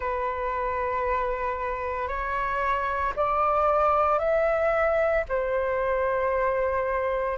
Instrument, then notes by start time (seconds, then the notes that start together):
flute
0.00 B4
2.08 C#5
3.16 D5
4.18 E5
5.29 C5